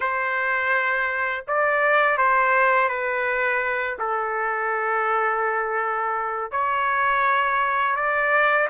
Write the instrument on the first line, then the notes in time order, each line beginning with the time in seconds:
trumpet
0.00 C5
1.47 D5
2.17 C5
2.88 B4
3.98 A4
6.51 C#5
7.96 D5